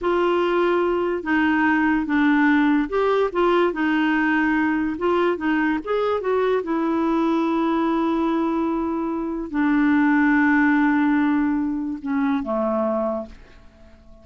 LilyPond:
\new Staff \with { instrumentName = "clarinet" } { \time 4/4 \tempo 4 = 145 f'2. dis'4~ | dis'4 d'2 g'4 | f'4 dis'2. | f'4 dis'4 gis'4 fis'4 |
e'1~ | e'2. d'4~ | d'1~ | d'4 cis'4 a2 | }